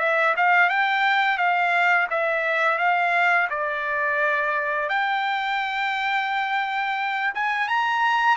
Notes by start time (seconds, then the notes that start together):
0.00 E5
0.37 F5
0.70 G5
1.38 F5
2.11 E5
2.79 F5
3.50 D5
4.90 G5
7.35 G#5
7.69 A#5